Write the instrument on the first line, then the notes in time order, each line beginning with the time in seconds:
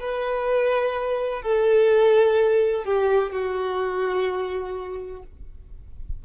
violin
0.00 B4
1.43 A4
2.85 G4
3.32 F#4